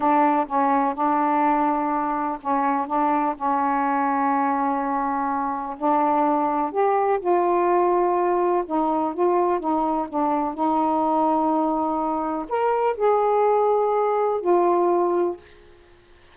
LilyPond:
\new Staff \with { instrumentName = "saxophone" } { \time 4/4 \tempo 4 = 125 d'4 cis'4 d'2~ | d'4 cis'4 d'4 cis'4~ | cis'1 | d'2 g'4 f'4~ |
f'2 dis'4 f'4 | dis'4 d'4 dis'2~ | dis'2 ais'4 gis'4~ | gis'2 f'2 | }